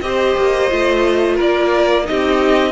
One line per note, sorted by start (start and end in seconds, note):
0.00 0.35 C4
0.00 0.69 G4
0.00 1.35 C5
0.00 1.36 D#5
0.37 0.71 A#3
0.69 1.39 A3
0.69 2.04 F4
1.35 2.08 A#3
1.35 2.04 A#4
1.35 2.06 D5
2.04 2.72 C4
2.04 2.72 D#4
2.04 2.72 G4
2.04 2.72 D#5